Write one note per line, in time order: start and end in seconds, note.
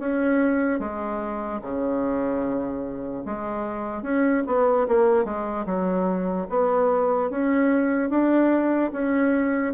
0.00 0.80 C#4
0.80 1.61 G#3
1.62 3.24 C#3
3.26 4.03 G#3
4.03 4.44 C#4
4.47 4.88 B3
4.88 5.25 A#3
5.25 5.66 G#3
5.66 6.48 F#3
6.50 7.30 B3
7.30 8.10 C#4
8.10 8.92 D4
8.93 9.74 C#4